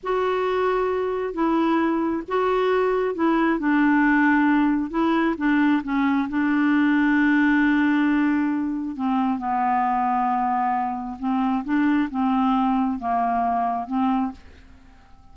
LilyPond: \new Staff \with { instrumentName = "clarinet" } { \time 4/4 \tempo 4 = 134 fis'2. e'4~ | e'4 fis'2 e'4 | d'2. e'4 | d'4 cis'4 d'2~ |
d'1 | c'4 b2.~ | b4 c'4 d'4 c'4~ | c'4 ais2 c'4 | }